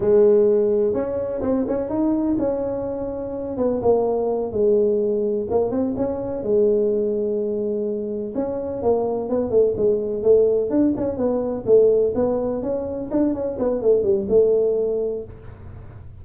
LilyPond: \new Staff \with { instrumentName = "tuba" } { \time 4/4 \tempo 4 = 126 gis2 cis'4 c'8 cis'8 | dis'4 cis'2~ cis'8 b8 | ais4. gis2 ais8 | c'8 cis'4 gis2~ gis8~ |
gis4. cis'4 ais4 b8 | a8 gis4 a4 d'8 cis'8 b8~ | b8 a4 b4 cis'4 d'8 | cis'8 b8 a8 g8 a2 | }